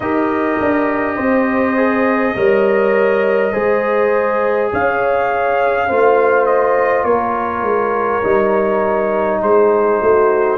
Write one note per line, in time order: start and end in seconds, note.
0.00 0.58 D#4
0.00 1.76 G4
0.00 1.15 A#4
0.00 4.69 D#5
0.60 1.17 D4
1.15 2.35 C4
1.15 2.33 C5
1.76 2.35 G#4
2.35 3.53 G3
2.35 3.52 A#4
2.35 3.52 C#5
3.52 4.72 G#3
3.52 5.88 G#4
3.52 4.70 C5
4.72 5.90 C#4
4.72 5.88 C#5
4.72 6.46 F5
5.88 7.03 A3
5.88 8.23 F4
5.88 7.04 C5
6.46 7.04 D#5
7.03 7.62 A#3
7.03 9.39 A#4
7.03 9.39 C#5
7.62 8.21 G#3
8.23 9.41 G3
8.23 10.57 D#4
9.41 10.00 G#3
9.41 10.00 G#4
9.41 10.57 C5
10.00 10.57 A3
10.00 10.57 F#4